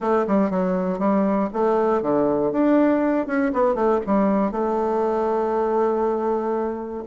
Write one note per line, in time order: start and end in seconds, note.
0.00 0.26 A3
0.27 0.50 G3
0.50 0.98 F#3
0.98 1.49 G3
1.53 2.02 A3
2.02 2.52 D3
2.52 3.26 D4
3.26 3.52 C#4
3.53 3.74 B3
3.74 4.00 A3
4.06 4.51 G3
4.51 7.03 A3